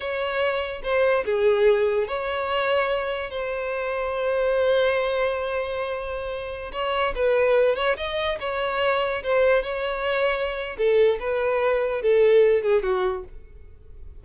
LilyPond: \new Staff \with { instrumentName = "violin" } { \time 4/4 \tempo 4 = 145 cis''2 c''4 gis'4~ | gis'4 cis''2. | c''1~ | c''1~ |
c''16 cis''4 b'4. cis''8 dis''8.~ | dis''16 cis''2 c''4 cis''8.~ | cis''2 a'4 b'4~ | b'4 a'4. gis'8 fis'4 | }